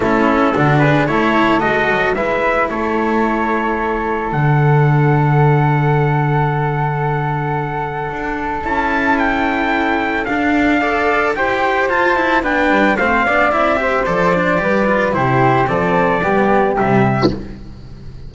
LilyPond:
<<
  \new Staff \with { instrumentName = "trumpet" } { \time 4/4 \tempo 4 = 111 a'4. b'8 cis''4 dis''4 | e''4 cis''2. | fis''1~ | fis''1 |
a''4 g''2 f''4~ | f''4 g''4 a''4 g''4 | f''4 e''4 d''2 | c''4 d''2 e''4 | }
  \new Staff \with { instrumentName = "flute" } { \time 4/4 e'4 fis'8 gis'8 a'2 | b'4 a'2.~ | a'1~ | a'1~ |
a'1 | d''4 c''2 b'4 | c''8 d''4 c''4. b'4 | g'4 a'4 g'2 | }
  \new Staff \with { instrumentName = "cello" } { \time 4/4 cis'4 d'4 e'4 fis'4 | e'1 | d'1~ | d'1 |
e'2. d'4 | a'4 g'4 f'8 e'8 d'4 | c'8 d'8 e'8 g'8 a'8 d'8 g'8 f'8 | e'4 c'4 b4 g4 | }
  \new Staff \with { instrumentName = "double bass" } { \time 4/4 a4 d4 a4 gis8 fis8 | gis4 a2. | d1~ | d2. d'4 |
cis'2. d'4~ | d'4 e'4 f'4 b8 g8 | a8 b8 c'4 f4 g4 | c4 f4 g4 c4 | }
>>